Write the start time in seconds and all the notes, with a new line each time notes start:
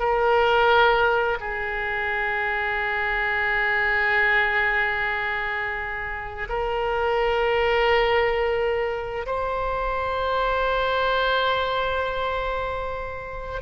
0.00 A#4
1.41 G#4
6.50 A#4
9.27 C5